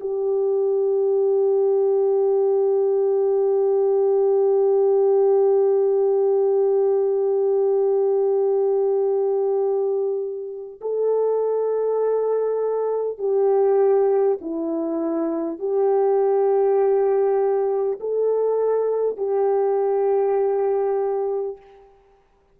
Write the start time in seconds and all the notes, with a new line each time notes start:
0.00 G4
10.81 A4
13.18 G4
14.41 E4
15.59 G4
18.01 A4
19.17 G4